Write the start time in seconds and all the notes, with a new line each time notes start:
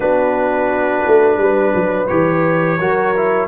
0.00 B3 D4 F#4 B4
1.07 A3
1.37 G3 B4
1.74 F#3
2.07 E3 G4 C#5
2.79 F#3 F#4 A#4
3.16 E4